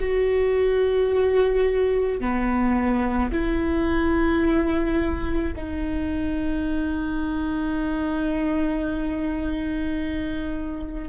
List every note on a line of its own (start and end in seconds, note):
0.00 2.20 F#4
2.20 3.31 B3
3.32 5.54 E4
5.56 11.09 D#4